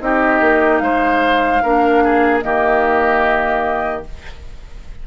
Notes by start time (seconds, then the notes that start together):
0.00 C4 D#4 G4 D#5
0.41 A#3
0.79 G#3 C5 F5
1.62 A#3 D4 A#4
2.04 G#4
2.41 D#3 A#3 G4 D#5